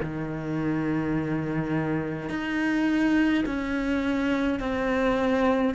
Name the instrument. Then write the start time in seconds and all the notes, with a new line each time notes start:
cello
0.00 D#3
2.29 D#4
3.45 C#4
4.59 C4